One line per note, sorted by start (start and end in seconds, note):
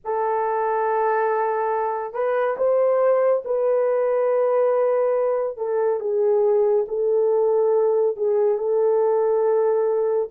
0.04 2.13 A4
2.13 2.56 B4
2.57 3.42 C5
3.44 5.57 B4
5.57 6.00 A4
6.00 6.85 G#4
6.88 8.16 A4
8.16 8.58 G#4
8.58 10.29 A4